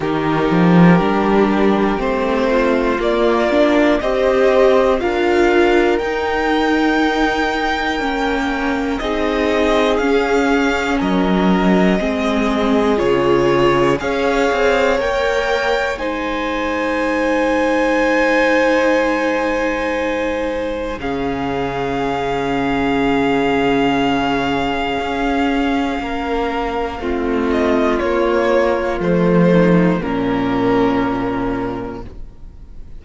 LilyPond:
<<
  \new Staff \with { instrumentName = "violin" } { \time 4/4 \tempo 4 = 60 ais'2 c''4 d''4 | dis''4 f''4 g''2~ | g''4 dis''4 f''4 dis''4~ | dis''4 cis''4 f''4 g''4 |
gis''1~ | gis''4 f''2.~ | f''2.~ f''8 dis''8 | cis''4 c''4 ais'2 | }
  \new Staff \with { instrumentName = "violin" } { \time 4/4 g'2~ g'8 f'4. | c''4 ais'2.~ | ais'4 gis'2 ais'4 | gis'2 cis''2 |
c''1~ | c''4 gis'2.~ | gis'2 ais'4 f'4~ | f'4. dis'8 cis'2 | }
  \new Staff \with { instrumentName = "viola" } { \time 4/4 dis'4 d'4 c'4 ais8 d'8 | g'4 f'4 dis'2 | cis'4 dis'4 cis'2 | c'4 f'4 gis'4 ais'4 |
dis'1~ | dis'4 cis'2.~ | cis'2. c'4 | ais4 a4 ais2 | }
  \new Staff \with { instrumentName = "cello" } { \time 4/4 dis8 f8 g4 a4 ais4 | c'4 d'4 dis'2 | ais4 c'4 cis'4 fis4 | gis4 cis4 cis'8 c'8 ais4 |
gis1~ | gis4 cis2.~ | cis4 cis'4 ais4 a4 | ais4 f4 ais,2 | }
>>